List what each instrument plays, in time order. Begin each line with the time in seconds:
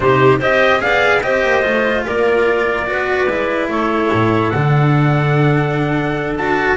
0.00 double bass C3, cello D#4, clarinet G4, trumpet C5
0.39 double bass C4, cello G4, clarinet C5, trumpet D#5
0.79 double bass B3, cello G#4, clarinet D5, trumpet F5
1.22 double bass C4, cello G4, clarinet C5, trumpet D#5
1.43 double bass A#3
1.62 double bass A3, cello F4
2.04 double bass A#3, clarinet A#4, trumpet D5
2.86 double bass B3, cello F#4, clarinet B4
3.27 double bass G#3, cello E4
3.69 double bass A3, clarinet A4, trumpet C#5
4.12 double bass A2
4.50 double bass D3, cello D4, trumpet F#5
6.36 double bass D4, cello F#4, trumpet A5